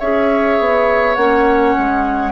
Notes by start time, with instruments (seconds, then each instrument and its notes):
0.00 bassoon C#4, clarinet G#4, oboe C#5, flute E5
0.60 bassoon B3
1.15 bassoon A#3, clarinet C#4, flute F#5
1.78 bassoon G#3